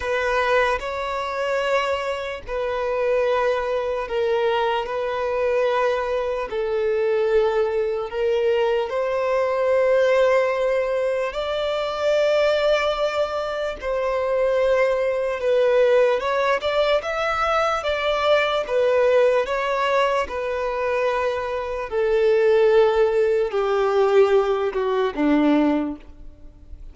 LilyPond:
\new Staff \with { instrumentName = "violin" } { \time 4/4 \tempo 4 = 74 b'4 cis''2 b'4~ | b'4 ais'4 b'2 | a'2 ais'4 c''4~ | c''2 d''2~ |
d''4 c''2 b'4 | cis''8 d''8 e''4 d''4 b'4 | cis''4 b'2 a'4~ | a'4 g'4. fis'8 d'4 | }